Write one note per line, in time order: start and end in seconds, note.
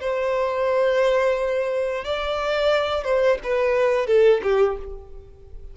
0.00 2.05 C5
2.05 3.04 D5
3.04 3.38 C5
3.43 4.07 B4
4.07 4.41 A4
4.43 4.77 G4